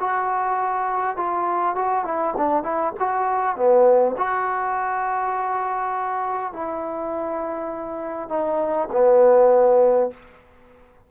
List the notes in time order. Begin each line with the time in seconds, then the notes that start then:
0.00 F#4
1.17 F4
1.76 F#4
2.05 E4
2.37 D4
2.63 E4
2.99 F#4
3.56 B3
4.18 F#4
6.53 E4
8.29 D#4
8.92 B3